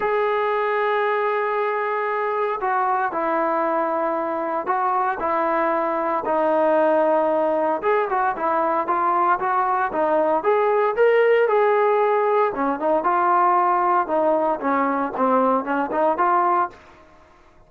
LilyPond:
\new Staff \with { instrumentName = "trombone" } { \time 4/4 \tempo 4 = 115 gis'1~ | gis'4 fis'4 e'2~ | e'4 fis'4 e'2 | dis'2. gis'8 fis'8 |
e'4 f'4 fis'4 dis'4 | gis'4 ais'4 gis'2 | cis'8 dis'8 f'2 dis'4 | cis'4 c'4 cis'8 dis'8 f'4 | }